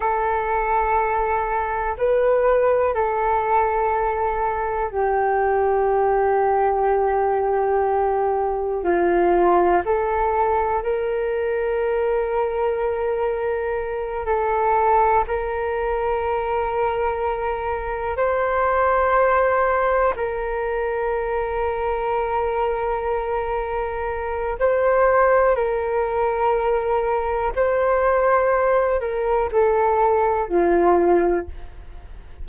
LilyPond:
\new Staff \with { instrumentName = "flute" } { \time 4/4 \tempo 4 = 61 a'2 b'4 a'4~ | a'4 g'2.~ | g'4 f'4 a'4 ais'4~ | ais'2~ ais'8 a'4 ais'8~ |
ais'2~ ais'8 c''4.~ | c''8 ais'2.~ ais'8~ | ais'4 c''4 ais'2 | c''4. ais'8 a'4 f'4 | }